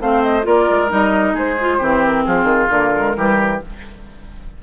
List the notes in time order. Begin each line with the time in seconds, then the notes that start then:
0.00 A3 C4 C5 F5
0.23 D#5
0.43 A#3 F4 A#4 D5
0.70 G#3
0.88 G3 D#4 D#5
1.34 G#3 G#4 C5
1.61 F4
1.78 E3 C4 G4
2.06 A#4
2.25 F3 F4 G#4
2.44 D#3
2.70 D3 A#3 A#4
2.96 G#3
3.16 E3 G3 G4